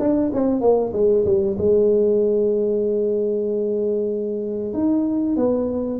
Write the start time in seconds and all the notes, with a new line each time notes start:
0.00 D4
0.34 C4
0.61 A#3
0.93 G#3
1.25 G3
1.59 G#3
4.74 D#4
5.37 B3